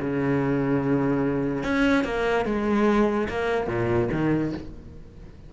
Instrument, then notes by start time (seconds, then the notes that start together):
cello
0.00 C#3
1.63 C#4
2.04 A#3
2.45 G#3
3.29 A#3
3.67 A#2
4.12 D#3